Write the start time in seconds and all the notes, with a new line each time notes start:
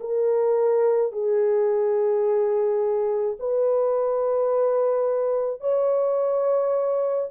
0.00 A#4
1.12 G#4
3.39 B4
5.60 C#5